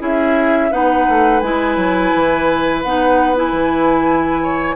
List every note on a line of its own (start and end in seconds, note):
0.00 0.71 C#4
0.00 0.71 E4
0.00 0.71 G#4
0.00 0.73 E5
0.71 1.07 B3
0.71 1.42 D#4
0.71 4.42 B4
0.71 1.40 F#5
1.09 1.42 A3
1.40 1.77 G#3
1.40 2.85 E4
1.40 2.82 G#5
1.77 2.12 F#3
2.15 2.84 E3
2.83 3.52 B3
2.83 3.36 D#4
2.83 3.36 F#5
3.36 4.76 E4
3.36 4.76 G#5
3.52 4.76 E3
4.43 4.76 C#5